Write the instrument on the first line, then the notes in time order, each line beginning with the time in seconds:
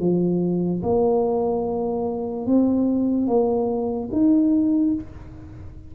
tuba
0.00 F3
0.83 A#3
2.46 C4
3.28 A#3
4.12 D#4